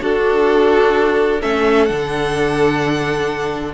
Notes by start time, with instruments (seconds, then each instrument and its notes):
0.00 viola D4, cello D4, violin F#4 A4
1.40 cello A3, viola C#4, violin A4 E5
1.85 cello D3, viola D4, violin F#5